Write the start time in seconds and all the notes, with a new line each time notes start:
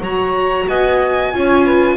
0.00 F#3 F#4 C#5 A#5
0.68 B3 D#5 G#5
1.33 C#4 F4 C#5
1.63 B4